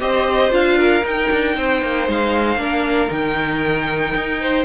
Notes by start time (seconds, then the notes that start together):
0.00 C4 G4 C5 D#5
0.51 D4 F4 F5
0.78 A#4
1.04 D#4 G5
1.32 D4
1.57 C4 C5
1.83 A#3
2.08 G#3 F5
2.57 A#3 D4 A#4
3.09 D#3 D#4 G5
4.15 D#4
4.41 C5